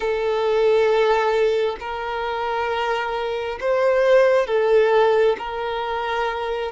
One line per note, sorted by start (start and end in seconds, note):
0.00 1.76 A4
1.80 3.59 A#4
3.60 4.46 C5
4.46 5.36 A4
5.38 6.72 A#4